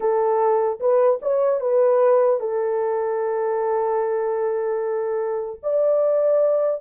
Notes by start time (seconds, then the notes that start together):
0.00 A4
0.80 B4
1.21 C#5
1.60 B4
2.39 A4
5.62 D5